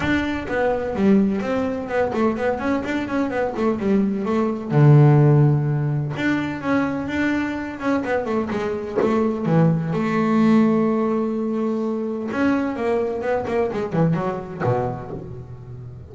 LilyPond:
\new Staff \with { instrumentName = "double bass" } { \time 4/4 \tempo 4 = 127 d'4 b4 g4 c'4 | b8 a8 b8 cis'8 d'8 cis'8 b8 a8 | g4 a4 d2~ | d4 d'4 cis'4 d'4~ |
d'8 cis'8 b8 a8 gis4 a4 | e4 a2.~ | a2 cis'4 ais4 | b8 ais8 gis8 e8 fis4 b,4 | }